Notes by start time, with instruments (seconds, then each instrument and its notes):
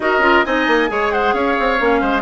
0.00 bassoon D#4, clarinet F#4, oboe A#4, flute D#5
0.18 bassoon C#4, clarinet F4
0.44 bassoon C4, clarinet D#4, oboe D#5, flute G#5
0.67 bassoon A#3
0.88 bassoon G#3, clarinet G#4, oboe C#5
1.11 oboe C5, flute F#5
1.33 bassoon C#4, oboe C#5, flute F5
1.59 bassoon C4
1.78 bassoon A#3, clarinet C#4
2.01 bassoon G#3, oboe C5